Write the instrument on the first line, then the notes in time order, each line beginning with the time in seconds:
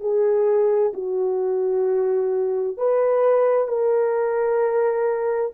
horn
0.00 G#4
0.93 F#4
2.77 B4
3.67 A#4